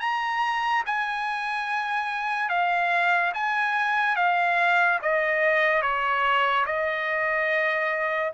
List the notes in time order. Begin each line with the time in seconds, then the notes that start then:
0.00 A#5
0.86 G#5
2.49 F5
3.34 G#5
4.16 F5
5.02 D#5
5.82 C#5
6.66 D#5